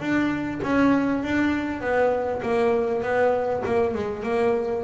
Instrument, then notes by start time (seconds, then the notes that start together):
double bass
0.00 D4
0.63 C#4
1.23 D4
1.81 B3
2.42 A#3
3.02 B3
3.66 A#3
3.94 G#3
4.23 A#3